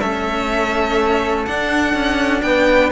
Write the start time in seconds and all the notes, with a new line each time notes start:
0.00 A3 C#4 A4 E5
1.46 D4 F#5
1.93 C#4
2.42 B3 B4 G5